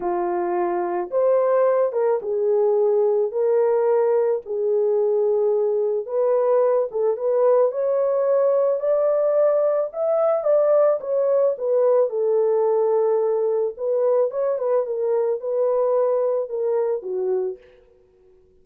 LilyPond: \new Staff \with { instrumentName = "horn" } { \time 4/4 \tempo 4 = 109 f'2 c''4. ais'8 | gis'2 ais'2 | gis'2. b'4~ | b'8 a'8 b'4 cis''2 |
d''2 e''4 d''4 | cis''4 b'4 a'2~ | a'4 b'4 cis''8 b'8 ais'4 | b'2 ais'4 fis'4 | }